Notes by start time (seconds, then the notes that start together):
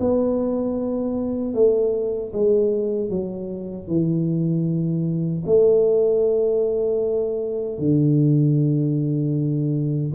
0.00 B3
1.54 A3
2.33 G#3
3.10 F#3
3.87 E3
5.46 A3
7.79 D3